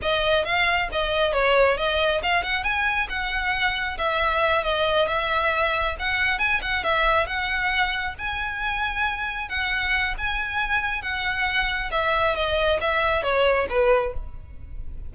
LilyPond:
\new Staff \with { instrumentName = "violin" } { \time 4/4 \tempo 4 = 136 dis''4 f''4 dis''4 cis''4 | dis''4 f''8 fis''8 gis''4 fis''4~ | fis''4 e''4. dis''4 e''8~ | e''4. fis''4 gis''8 fis''8 e''8~ |
e''8 fis''2 gis''4.~ | gis''4. fis''4. gis''4~ | gis''4 fis''2 e''4 | dis''4 e''4 cis''4 b'4 | }